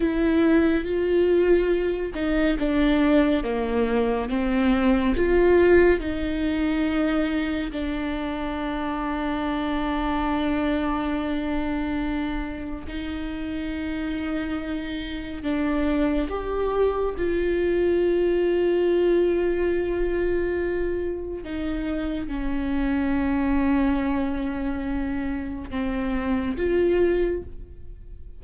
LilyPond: \new Staff \with { instrumentName = "viola" } { \time 4/4 \tempo 4 = 70 e'4 f'4. dis'8 d'4 | ais4 c'4 f'4 dis'4~ | dis'4 d'2.~ | d'2. dis'4~ |
dis'2 d'4 g'4 | f'1~ | f'4 dis'4 cis'2~ | cis'2 c'4 f'4 | }